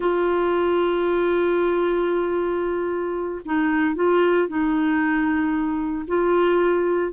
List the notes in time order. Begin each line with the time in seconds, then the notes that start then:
0.00 F4
3.45 D#4
3.95 F4
4.47 D#4
6.07 F4